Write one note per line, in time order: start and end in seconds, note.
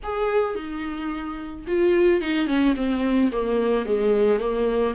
0.03 0.55 G#4
0.55 1.65 D#4
1.67 2.21 F4
2.21 2.46 D#4
2.46 2.74 C#4
2.75 3.31 C4
3.32 3.85 A#3
3.85 4.39 G#3
4.39 4.94 A#3